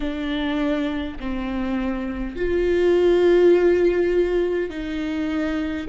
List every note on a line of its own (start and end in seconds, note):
0.00 1.18 D4
1.19 2.35 C4
2.35 4.70 F4
4.70 5.87 D#4